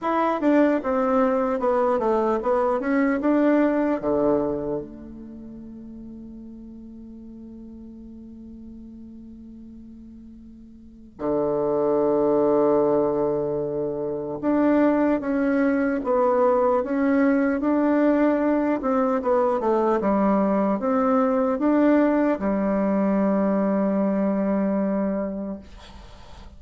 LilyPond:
\new Staff \with { instrumentName = "bassoon" } { \time 4/4 \tempo 4 = 75 e'8 d'8 c'4 b8 a8 b8 cis'8 | d'4 d4 a2~ | a1~ | a2 d2~ |
d2 d'4 cis'4 | b4 cis'4 d'4. c'8 | b8 a8 g4 c'4 d'4 | g1 | }